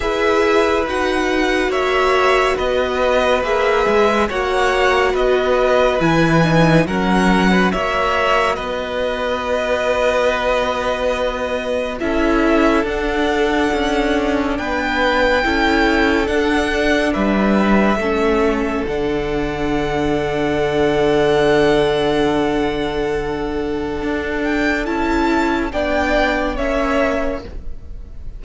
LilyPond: <<
  \new Staff \with { instrumentName = "violin" } { \time 4/4 \tempo 4 = 70 e''4 fis''4 e''4 dis''4 | e''4 fis''4 dis''4 gis''4 | fis''4 e''4 dis''2~ | dis''2 e''4 fis''4~ |
fis''4 g''2 fis''4 | e''2 fis''2~ | fis''1~ | fis''8 g''8 a''4 g''4 e''4 | }
  \new Staff \with { instrumentName = "violin" } { \time 4/4 b'2 cis''4 b'4~ | b'4 cis''4 b'2 | ais'8. b'16 cis''4 b'2~ | b'2 a'2~ |
a'4 b'4 a'2 | b'4 a'2.~ | a'1~ | a'2 d''4 cis''4 | }
  \new Staff \with { instrumentName = "viola" } { \time 4/4 gis'4 fis'2. | gis'4 fis'2 e'8 dis'8 | cis'4 fis'2.~ | fis'2 e'4 d'4~ |
d'2 e'4 d'4~ | d'4 cis'4 d'2~ | d'1~ | d'4 e'4 d'4 cis'4 | }
  \new Staff \with { instrumentName = "cello" } { \time 4/4 e'4 dis'4 ais4 b4 | ais8 gis8 ais4 b4 e4 | fis4 ais4 b2~ | b2 cis'4 d'4 |
cis'4 b4 cis'4 d'4 | g4 a4 d2~ | d1 | d'4 cis'4 b4 ais4 | }
>>